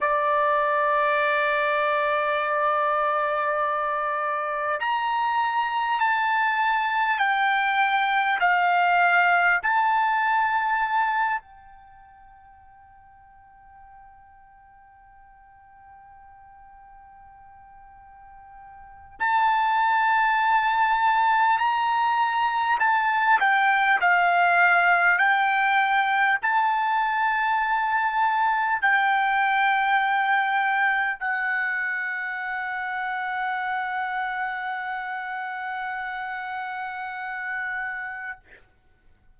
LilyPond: \new Staff \with { instrumentName = "trumpet" } { \time 4/4 \tempo 4 = 50 d''1 | ais''4 a''4 g''4 f''4 | a''4. g''2~ g''8~ | g''1 |
a''2 ais''4 a''8 g''8 | f''4 g''4 a''2 | g''2 fis''2~ | fis''1 | }